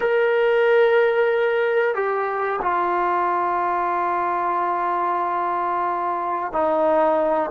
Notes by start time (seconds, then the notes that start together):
0.00 A#4
1.94 G4
2.61 F4
6.52 D#4